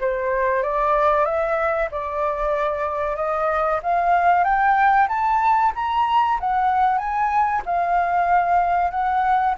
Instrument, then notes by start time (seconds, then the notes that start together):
flute
0.00 C5
0.62 D5
1.24 E5
1.91 D5
3.16 D#5
3.82 F5
4.44 G5
5.08 A5
5.74 A#5
6.39 F#5
6.98 G#5
7.65 F5
8.90 F#5